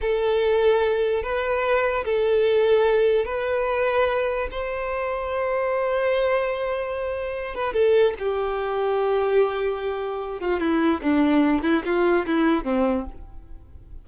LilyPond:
\new Staff \with { instrumentName = "violin" } { \time 4/4 \tempo 4 = 147 a'2. b'4~ | b'4 a'2. | b'2. c''4~ | c''1~ |
c''2~ c''8 b'8 a'4 | g'1~ | g'4. f'8 e'4 d'4~ | d'8 e'8 f'4 e'4 c'4 | }